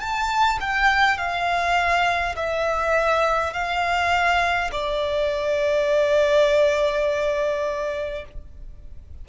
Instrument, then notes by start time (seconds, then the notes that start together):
violin
0.00 A5
0.60 G5
1.18 F5
2.36 E5
3.53 F5
4.72 D5